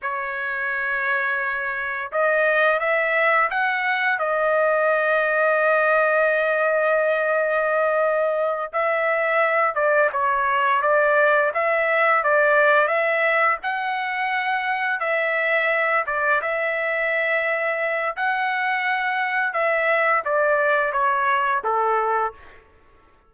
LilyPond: \new Staff \with { instrumentName = "trumpet" } { \time 4/4 \tempo 4 = 86 cis''2. dis''4 | e''4 fis''4 dis''2~ | dis''1~ | dis''8 e''4. d''8 cis''4 d''8~ |
d''8 e''4 d''4 e''4 fis''8~ | fis''4. e''4. d''8 e''8~ | e''2 fis''2 | e''4 d''4 cis''4 a'4 | }